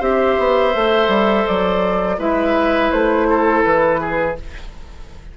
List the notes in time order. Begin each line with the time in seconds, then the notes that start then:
0.00 C4 G4 C5 E5
0.39 B3
0.74 A3 A4
1.08 G3
1.48 F#3 D5
2.19 G#3 E4 B4 E5
2.92 A3 C5
3.30 A4
3.64 E3 B4
4.01 G#4